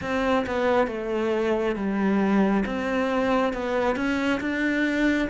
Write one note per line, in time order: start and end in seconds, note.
0.01 0.45 C4
0.46 0.87 B3
0.87 1.75 A3
1.75 2.64 G3
2.65 3.53 C4
3.53 3.95 B3
3.95 4.40 C#4
4.40 5.28 D4